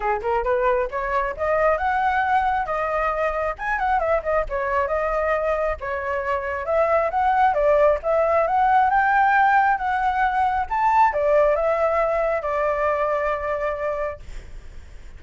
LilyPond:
\new Staff \with { instrumentName = "flute" } { \time 4/4 \tempo 4 = 135 gis'8 ais'8 b'4 cis''4 dis''4 | fis''2 dis''2 | gis''8 fis''8 e''8 dis''8 cis''4 dis''4~ | dis''4 cis''2 e''4 |
fis''4 d''4 e''4 fis''4 | g''2 fis''2 | a''4 d''4 e''2 | d''1 | }